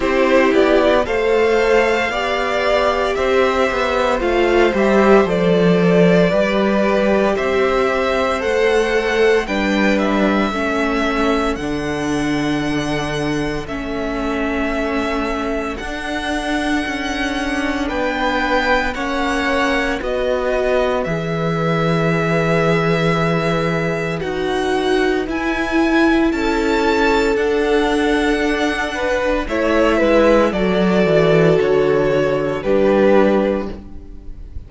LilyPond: <<
  \new Staff \with { instrumentName = "violin" } { \time 4/4 \tempo 4 = 57 c''8 d''8 f''2 e''4 | f''8 e''8 d''2 e''4 | fis''4 g''8 e''4. fis''4~ | fis''4 e''2 fis''4~ |
fis''4 g''4 fis''4 dis''4 | e''2. fis''4 | gis''4 a''4 fis''2 | e''4 d''4 cis''4 b'4 | }
  \new Staff \with { instrumentName = "violin" } { \time 4/4 g'4 c''4 d''4 c''4~ | c''2 b'4 c''4~ | c''4 b'4 a'2~ | a'1~ |
a'4 b'4 cis''4 b'4~ | b'1~ | b'4 a'2~ a'8 b'8 | cis''8 b'8 a'2 g'4 | }
  \new Staff \with { instrumentName = "viola" } { \time 4/4 e'4 a'4 g'2 | f'8 g'8 a'4 g'2 | a'4 d'4 cis'4 d'4~ | d'4 cis'2 d'4~ |
d'2 cis'4 fis'4 | gis'2. fis'4 | e'2 d'2 | e'4 fis'2 d'4 | }
  \new Staff \with { instrumentName = "cello" } { \time 4/4 c'8 b8 a4 b4 c'8 b8 | a8 g8 f4 g4 c'4 | a4 g4 a4 d4~ | d4 a2 d'4 |
cis'4 b4 ais4 b4 | e2. dis'4 | e'4 cis'4 d'2 | a8 gis8 fis8 e8 d4 g4 | }
>>